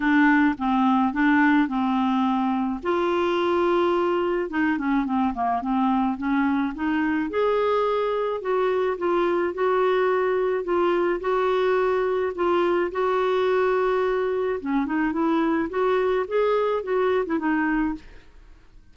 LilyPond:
\new Staff \with { instrumentName = "clarinet" } { \time 4/4 \tempo 4 = 107 d'4 c'4 d'4 c'4~ | c'4 f'2. | dis'8 cis'8 c'8 ais8 c'4 cis'4 | dis'4 gis'2 fis'4 |
f'4 fis'2 f'4 | fis'2 f'4 fis'4~ | fis'2 cis'8 dis'8 e'4 | fis'4 gis'4 fis'8. e'16 dis'4 | }